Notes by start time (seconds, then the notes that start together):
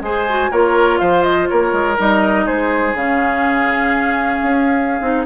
0.00 G#3 G#4 C5 G#5
0.28 F#4
0.50 A#3 F4 A#4 C#5
0.98 F3 C5 F5
1.23 D#5
1.48 A#3 A#4 C#5
1.72 G#3
1.97 G3 D#4 D#5
2.45 G#3 G#4 C5
2.93 C#3 C#4 F5
4.42 C#4
5.00 C4 D#4